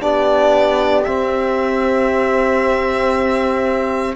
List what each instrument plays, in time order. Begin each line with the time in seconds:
0.00 cello B3, trombone D4, horn G4, violin D5
1.04 trombone C4, cello C4, violin E5